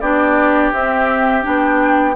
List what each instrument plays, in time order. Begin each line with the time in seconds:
0.00 bassoon B3, clarinet D4, oboe G4, flute D5
0.72 bassoon C4, clarinet C4, flute E5
1.42 bassoon B3, clarinet D4, flute G5